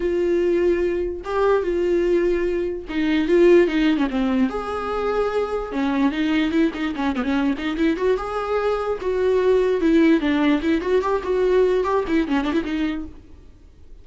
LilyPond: \new Staff \with { instrumentName = "viola" } { \time 4/4 \tempo 4 = 147 f'2. g'4 | f'2. dis'4 | f'4 dis'8. cis'16 c'4 gis'4~ | gis'2 cis'4 dis'4 |
e'8 dis'8 cis'8 b16 cis'8. dis'8 e'8 fis'8 | gis'2 fis'2 | e'4 d'4 e'8 fis'8 g'8 fis'8~ | fis'4 g'8 e'8 cis'8 d'16 e'16 dis'4 | }